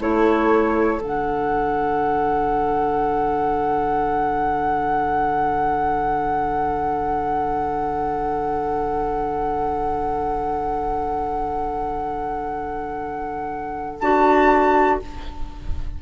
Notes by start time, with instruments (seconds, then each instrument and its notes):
0.00 bassoon A3, clarinet E4, oboe A4, flute C#5
1.00 bassoon D3, clarinet D4, flute F#5
14.00 bassoon D4, clarinet F#4, flute A5